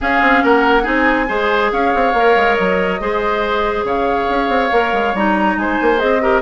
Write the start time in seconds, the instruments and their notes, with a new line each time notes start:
0.00 clarinet C#4, bassoon C#4, oboe G#4, flute F5
0.21 bassoon C4
0.43 bassoon A#3, oboe A#4, flute F#5
0.82 bassoon C4, clarinet D#4, oboe G#4
0.89 flute G#5
1.28 bassoon G#3, clarinet G#4, oboe C5
1.72 bassoon C#4, oboe C#5, flute F5
1.95 bassoon C4
2.13 bassoon A#3, clarinet A#4
2.36 bassoon G#3
2.55 bassoon F#3, flute D#5
3.00 bassoon G#3, clarinet G#4, oboe C5
3.83 bassoon C#3, oboe C#5, flute F5
4.29 bassoon C#4
4.48 bassoon C4
4.72 bassoon A#3, clarinet A#4
4.92 bassoon G#3
5.14 bassoon G3, clarinet D#4, flute A#5
5.56 bassoon G#3, oboe C5, flute G#5
5.81 bassoon A#3
5.97 bassoon C4, clarinet G#4, flute D#5
6.21 clarinet G4, oboe A#4